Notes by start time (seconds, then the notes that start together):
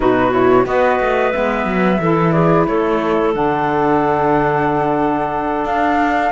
0.00 B2 D#4 F#4 B4
0.31 E4 C#5
0.64 B3 F#4 B4 D#5
1.00 A3
1.32 G#3 B3 E5
1.64 F#3
1.99 E3 E4 A4
2.32 G#4 D5
2.66 A3 A4 C#5
3.33 D3 D4 F#5
5.64 D4 F5